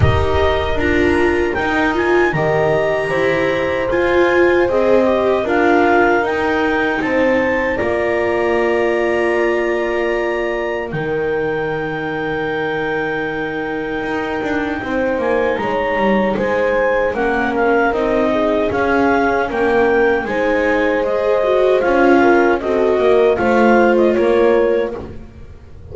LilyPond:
<<
  \new Staff \with { instrumentName = "clarinet" } { \time 4/4 \tempo 4 = 77 dis''4 ais''4 g''8 gis''8 ais''4~ | ais''4 gis''4 dis''4 f''4 | g''4 a''4 ais''2~ | ais''2 g''2~ |
g''2.~ g''8 gis''8 | ais''4 gis''4 fis''8 f''8 dis''4 | f''4 g''4 gis''4 dis''4 | f''4 dis''4 f''8. dis''16 cis''4 | }
  \new Staff \with { instrumentName = "horn" } { \time 4/4 ais'2. dis''4 | c''2. ais'4~ | ais'4 c''4 d''2~ | d''2 ais'2~ |
ais'2. c''4 | cis''4 c''4 ais'4. gis'8~ | gis'4 ais'4 c''2~ | c''8 ais'8 a'8 ais'8 c''4 ais'4 | }
  \new Staff \with { instrumentName = "viola" } { \time 4/4 g'4 f'4 dis'8 f'8 g'4~ | g'4 f'4 gis'8 g'8 f'4 | dis'2 f'2~ | f'2 dis'2~ |
dis'1~ | dis'2 cis'4 dis'4 | cis'2 dis'4 gis'8 fis'8 | f'4 fis'4 f'2 | }
  \new Staff \with { instrumentName = "double bass" } { \time 4/4 dis'4 d'4 dis'4 dis4 | e'4 f'4 c'4 d'4 | dis'4 c'4 ais2~ | ais2 dis2~ |
dis2 dis'8 d'8 c'8 ais8 | gis8 g8 gis4 ais4 c'4 | cis'4 ais4 gis2 | cis'4 c'8 ais8 a4 ais4 | }
>>